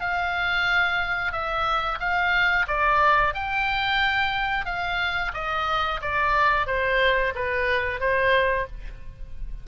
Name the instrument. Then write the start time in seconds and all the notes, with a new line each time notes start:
oboe
0.00 F5
1.32 E5
1.99 F5
2.67 D5
3.34 G5
4.65 F5
5.33 D#5
6.01 D5
6.66 C5
7.35 B4
8.00 C5